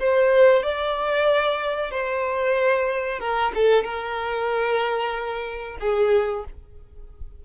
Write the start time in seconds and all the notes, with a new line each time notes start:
0.00 C5
0.63 D5
1.91 C5
3.20 A#4
3.55 A4
3.84 A#4
5.80 G#4